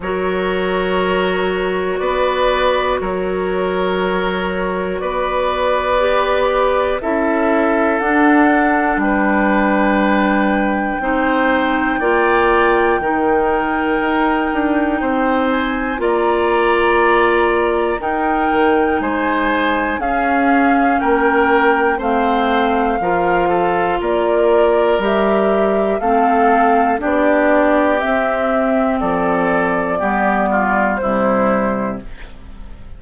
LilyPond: <<
  \new Staff \with { instrumentName = "flute" } { \time 4/4 \tempo 4 = 60 cis''2 d''4 cis''4~ | cis''4 d''2 e''4 | fis''4 g''2.~ | g''2.~ g''8 gis''8 |
ais''2 g''4 gis''4 | f''4 g''4 f''2 | d''4 e''4 f''4 d''4 | e''4 d''2 c''4 | }
  \new Staff \with { instrumentName = "oboe" } { \time 4/4 ais'2 b'4 ais'4~ | ais'4 b'2 a'4~ | a'4 b'2 c''4 | d''4 ais'2 c''4 |
d''2 ais'4 c''4 | gis'4 ais'4 c''4 ais'8 a'8 | ais'2 a'4 g'4~ | g'4 a'4 g'8 f'8 e'4 | }
  \new Staff \with { instrumentName = "clarinet" } { \time 4/4 fis'1~ | fis'2 g'4 e'4 | d'2. dis'4 | f'4 dis'2. |
f'2 dis'2 | cis'2 c'4 f'4~ | f'4 g'4 c'4 d'4 | c'2 b4 g4 | }
  \new Staff \with { instrumentName = "bassoon" } { \time 4/4 fis2 b4 fis4~ | fis4 b2 cis'4 | d'4 g2 c'4 | ais4 dis4 dis'8 d'8 c'4 |
ais2 dis'8 dis8 gis4 | cis'4 ais4 a4 f4 | ais4 g4 a4 b4 | c'4 f4 g4 c4 | }
>>